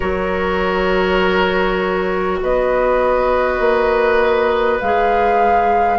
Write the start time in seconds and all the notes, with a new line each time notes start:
0.00 F#3 F#4 A#4 C#5
2.42 B3 B4 D#5
3.59 A#3
4.80 G#3 G#4 F5